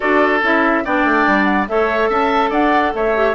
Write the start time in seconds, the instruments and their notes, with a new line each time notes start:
0.00 bassoon D4, clarinet F#4, oboe A4, flute D5
0.42 bassoon C#4, clarinet E4, flute E5
0.84 bassoon B3, clarinet D4, oboe D5, flute G5
1.04 bassoon A3
1.26 bassoon G3
1.44 flute F#5
1.68 bassoon A3, clarinet A4, oboe C#5, flute E5
2.09 bassoon C#4, oboe E5, flute A5
2.50 bassoon D4, oboe D5, flute F#5
2.93 bassoon A3, oboe C#5, flute E5
3.15 clarinet G4